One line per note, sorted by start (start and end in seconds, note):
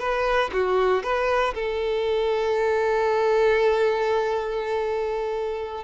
0.00 0.51 B4
0.53 1.04 F#4
1.04 1.54 B4
1.55 5.85 A4